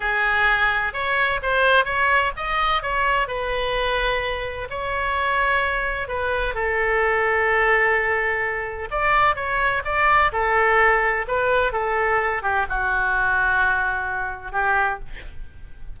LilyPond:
\new Staff \with { instrumentName = "oboe" } { \time 4/4 \tempo 4 = 128 gis'2 cis''4 c''4 | cis''4 dis''4 cis''4 b'4~ | b'2 cis''2~ | cis''4 b'4 a'2~ |
a'2. d''4 | cis''4 d''4 a'2 | b'4 a'4. g'8 fis'4~ | fis'2. g'4 | }